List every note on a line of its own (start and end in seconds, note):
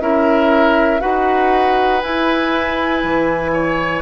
0.00 1.00 C#4
0.00 1.00 E4
0.00 1.01 A#4
0.00 1.00 E5
1.00 2.03 D#4
1.00 2.00 F#4
1.00 3.51 B4
1.00 2.00 F#5
2.00 4.01 E4
2.00 3.03 E4
2.00 4.00 G#5
3.03 4.01 E3
3.53 4.01 C#5